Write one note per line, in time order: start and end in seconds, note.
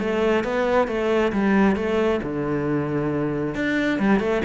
0.00 0.44 A3
0.44 0.88 B3
0.88 1.32 A3
1.33 1.76 G3
1.76 2.21 A3
2.23 3.55 D3
3.55 3.99 D4
4.00 4.20 G3
4.20 4.42 A3